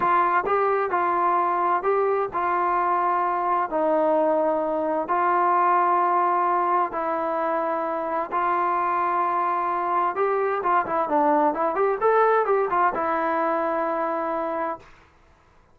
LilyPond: \new Staff \with { instrumentName = "trombone" } { \time 4/4 \tempo 4 = 130 f'4 g'4 f'2 | g'4 f'2. | dis'2. f'4~ | f'2. e'4~ |
e'2 f'2~ | f'2 g'4 f'8 e'8 | d'4 e'8 g'8 a'4 g'8 f'8 | e'1 | }